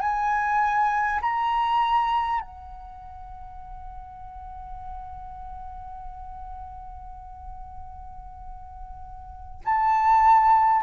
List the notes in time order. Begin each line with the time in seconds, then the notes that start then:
0.00 G#5
1.21 A#5
2.41 F#5
9.64 A5